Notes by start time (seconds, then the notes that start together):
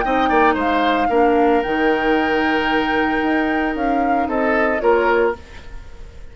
0.00 C4 D#4 D#5 G5
0.29 A#3 D5
0.54 G#3 C5 F5
1.09 A#3 D4 A#4
1.62 D#3 D#4 G5
3.22 D#4
3.75 C#4 F5
4.27 C4 A4 D#5
4.79 A#3 F4 A#4 C#5